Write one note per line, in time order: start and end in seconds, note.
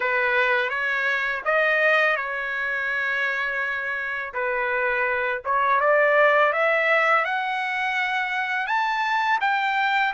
0.00 0.69 B4
0.69 1.41 C#5
1.45 2.16 D#5
2.16 4.33 C#5
4.33 5.42 B4
5.44 5.80 C#5
5.80 6.52 D5
6.52 7.25 E5
7.25 8.66 F#5
8.66 9.38 A5
9.40 10.13 G5